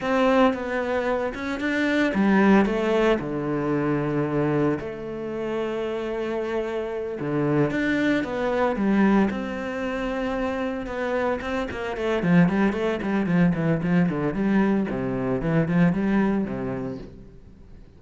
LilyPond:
\new Staff \with { instrumentName = "cello" } { \time 4/4 \tempo 4 = 113 c'4 b4. cis'8 d'4 | g4 a4 d2~ | d4 a2.~ | a4. d4 d'4 b8~ |
b8 g4 c'2~ c'8~ | c'8 b4 c'8 ais8 a8 f8 g8 | a8 g8 f8 e8 f8 d8 g4 | c4 e8 f8 g4 c4 | }